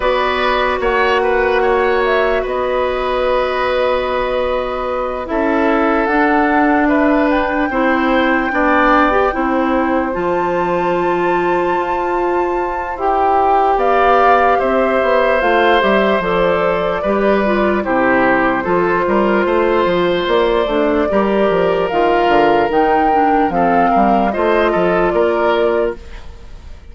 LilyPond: <<
  \new Staff \with { instrumentName = "flute" } { \time 4/4 \tempo 4 = 74 d''4 fis''4. e''8 dis''4~ | dis''2~ dis''8 e''4 fis''8~ | fis''8 e''8 g''2.~ | g''8 a''2.~ a''8 |
g''4 f''4 e''4 f''8 e''8 | d''2 c''2~ | c''4 d''2 f''4 | g''4 f''4 dis''4 d''4 | }
  \new Staff \with { instrumentName = "oboe" } { \time 4/4 b'4 cis''8 b'8 cis''4 b'4~ | b'2~ b'8 a'4.~ | a'8 b'4 c''4 d''4 c''8~ | c''1~ |
c''4 d''4 c''2~ | c''4 b'4 g'4 a'8 ais'8 | c''2 ais'2~ | ais'4 a'8 ais'8 c''8 a'8 ais'4 | }
  \new Staff \with { instrumentName = "clarinet" } { \time 4/4 fis'1~ | fis'2~ fis'8 e'4 d'8~ | d'4. e'4 d'8. g'16 e'8~ | e'8 f'2.~ f'8 |
g'2. f'8 g'8 | a'4 g'8 f'8 e'4 f'4~ | f'4. d'8 g'4 f'4 | dis'8 d'8 c'4 f'2 | }
  \new Staff \with { instrumentName = "bassoon" } { \time 4/4 b4 ais2 b4~ | b2~ b8 cis'4 d'8~ | d'4. c'4 b4 c'8~ | c'8 f2 f'4. |
e'4 b4 c'8 b8 a8 g8 | f4 g4 c4 f8 g8 | a8 f8 ais8 a8 g8 f8 dis8 d8 | dis4 f8 g8 a8 f8 ais4 | }
>>